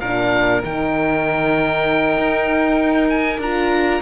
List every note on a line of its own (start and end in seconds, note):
0.00 0.63 A#2
0.00 0.64 D4
0.00 4.02 A#4
0.00 0.62 F5
0.64 2.17 D#3
0.64 3.43 D#4
0.64 3.09 G5
2.17 3.39 D#4
3.09 3.40 G#5
3.39 4.01 D4
3.39 4.02 F4
3.39 4.02 A#5